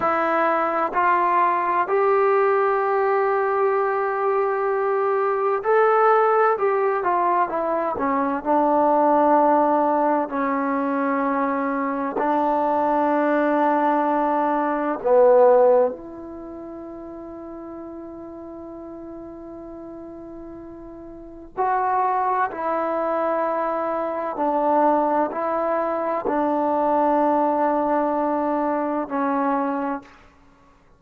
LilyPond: \new Staff \with { instrumentName = "trombone" } { \time 4/4 \tempo 4 = 64 e'4 f'4 g'2~ | g'2 a'4 g'8 f'8 | e'8 cis'8 d'2 cis'4~ | cis'4 d'2. |
b4 e'2.~ | e'2. fis'4 | e'2 d'4 e'4 | d'2. cis'4 | }